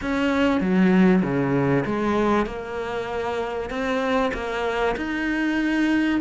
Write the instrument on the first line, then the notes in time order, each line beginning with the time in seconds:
cello
0.01 C#4
0.60 F#3
1.22 C#3
1.85 G#3
2.46 A#3
3.69 C4
4.33 A#3
4.96 D#4